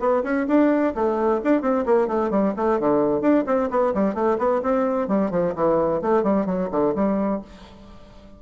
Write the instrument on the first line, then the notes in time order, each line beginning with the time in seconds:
bassoon
0.00 B3
0.23 C#4
0.48 D4
0.95 A3
1.44 D4
1.62 C4
1.86 A#3
2.08 A3
2.31 G3
2.57 A3
2.80 D3
3.22 D4
3.47 C4
3.71 B3
3.94 G3
4.15 A3
4.39 B3
4.63 C4
5.08 G3
5.31 F3
5.56 E3
6.02 A3
6.23 G3
6.46 F#3
6.72 D3
6.95 G3